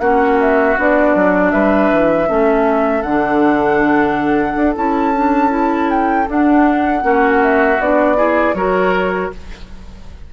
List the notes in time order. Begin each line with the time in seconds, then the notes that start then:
0.00 A#3 C#4 F#4 F#5
0.41 E5
0.77 B3 D4 D5
1.15 F#3
1.51 G3 B4 E5
1.92 E3
2.27 A3 C#4 A4
3.02 D3 D4 F#5
4.56 D4
4.75 C#4 E4 A5
5.15 D4
5.50 E4
5.90 G5
6.28 D4 F#5
7.01 A#3 C#4 F#4
7.43 E5
7.79 B3 D4 D5
8.16 E4 G#4
8.54 F#3 F#4 A#4 C#5